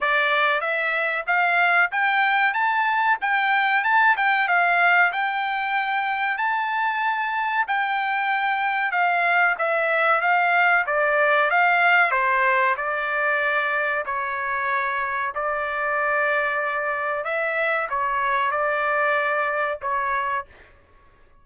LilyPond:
\new Staff \with { instrumentName = "trumpet" } { \time 4/4 \tempo 4 = 94 d''4 e''4 f''4 g''4 | a''4 g''4 a''8 g''8 f''4 | g''2 a''2 | g''2 f''4 e''4 |
f''4 d''4 f''4 c''4 | d''2 cis''2 | d''2. e''4 | cis''4 d''2 cis''4 | }